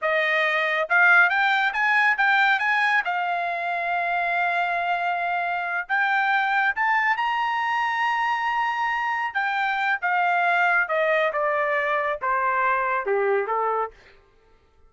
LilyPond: \new Staff \with { instrumentName = "trumpet" } { \time 4/4 \tempo 4 = 138 dis''2 f''4 g''4 | gis''4 g''4 gis''4 f''4~ | f''1~ | f''4. g''2 a''8~ |
a''8 ais''2.~ ais''8~ | ais''4. g''4. f''4~ | f''4 dis''4 d''2 | c''2 g'4 a'4 | }